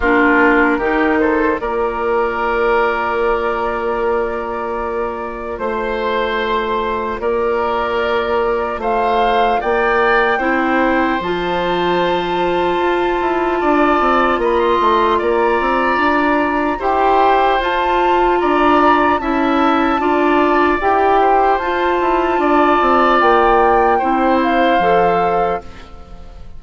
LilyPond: <<
  \new Staff \with { instrumentName = "flute" } { \time 4/4 \tempo 4 = 75 ais'4. c''8 d''2~ | d''2. c''4~ | c''4 d''2 f''4 | g''2 a''2~ |
a''2 b''16 c'''8. ais''4~ | ais''4 g''4 a''4 ais''4 | a''2 g''4 a''4~ | a''4 g''4. f''4. | }
  \new Staff \with { instrumentName = "oboe" } { \time 4/4 f'4 g'8 a'8 ais'2~ | ais'2. c''4~ | c''4 ais'2 c''4 | d''4 c''2.~ |
c''4 d''4 dis''4 d''4~ | d''4 c''2 d''4 | e''4 d''4. c''4. | d''2 c''2 | }
  \new Staff \with { instrumentName = "clarinet" } { \time 4/4 d'4 dis'4 f'2~ | f'1~ | f'1~ | f'4 e'4 f'2~ |
f'1~ | f'4 g'4 f'2 | e'4 f'4 g'4 f'4~ | f'2 e'4 a'4 | }
  \new Staff \with { instrumentName = "bassoon" } { \time 4/4 ais4 dis4 ais2~ | ais2. a4~ | a4 ais2 a4 | ais4 c'4 f2 |
f'8 e'8 d'8 c'8 ais8 a8 ais8 c'8 | d'4 e'4 f'4 d'4 | cis'4 d'4 e'4 f'8 e'8 | d'8 c'8 ais4 c'4 f4 | }
>>